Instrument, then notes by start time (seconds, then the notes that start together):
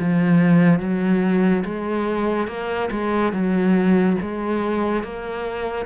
cello
0.00 F3
0.80 F#3
1.65 G#3
2.48 A#3
2.92 G#3
3.33 F#3
4.22 G#3
5.04 A#3